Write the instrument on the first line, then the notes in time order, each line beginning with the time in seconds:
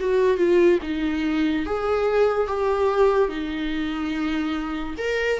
viola
0.00 F#4
0.38 F4
0.83 D#4
1.66 G#4
2.48 G4
3.29 D#4
4.98 A#4